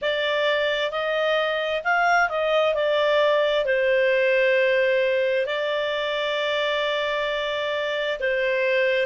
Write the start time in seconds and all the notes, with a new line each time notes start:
0.01 D5
0.91 D#5
1.83 F5
2.29 D#5
2.74 D5
3.65 C5
5.46 D5
8.19 C5